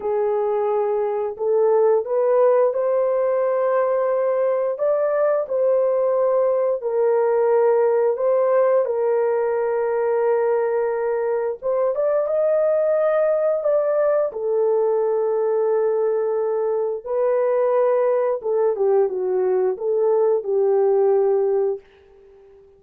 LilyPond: \new Staff \with { instrumentName = "horn" } { \time 4/4 \tempo 4 = 88 gis'2 a'4 b'4 | c''2. d''4 | c''2 ais'2 | c''4 ais'2.~ |
ais'4 c''8 d''8 dis''2 | d''4 a'2.~ | a'4 b'2 a'8 g'8 | fis'4 a'4 g'2 | }